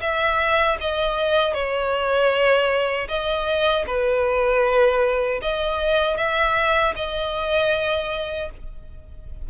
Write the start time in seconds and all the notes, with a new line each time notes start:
0.00 E5
0.80 D#5
1.53 C#5
3.08 D#5
3.86 B4
5.42 D#5
6.17 E5
6.95 D#5